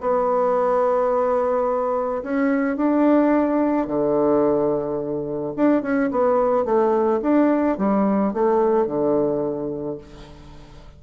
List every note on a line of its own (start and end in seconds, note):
0.00 2.22 B3
2.22 2.76 C#4
2.76 3.86 D4
3.86 5.53 D3
5.56 5.82 D4
5.82 6.10 C#4
6.10 6.64 B3
6.64 7.20 A3
7.22 7.77 D4
7.78 8.33 G3
8.33 8.86 A3
8.86 9.97 D3